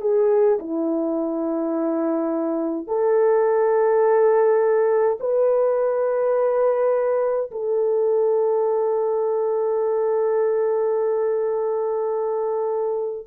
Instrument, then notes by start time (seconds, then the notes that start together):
horn
0.00 G#4
0.59 E4
2.87 A4
5.19 B4
7.51 A4